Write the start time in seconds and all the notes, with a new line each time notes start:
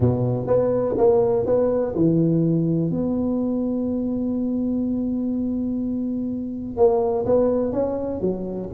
0.00 B2
0.46 B3
0.97 A#3
1.45 B3
1.95 E3
2.90 B3
6.76 A#3
7.25 B3
7.72 C#4
8.21 F#3